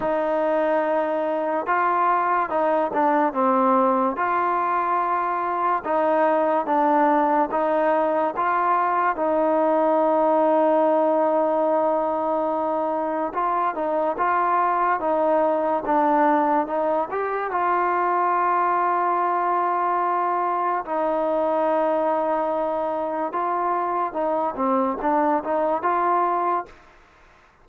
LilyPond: \new Staff \with { instrumentName = "trombone" } { \time 4/4 \tempo 4 = 72 dis'2 f'4 dis'8 d'8 | c'4 f'2 dis'4 | d'4 dis'4 f'4 dis'4~ | dis'1 |
f'8 dis'8 f'4 dis'4 d'4 | dis'8 g'8 f'2.~ | f'4 dis'2. | f'4 dis'8 c'8 d'8 dis'8 f'4 | }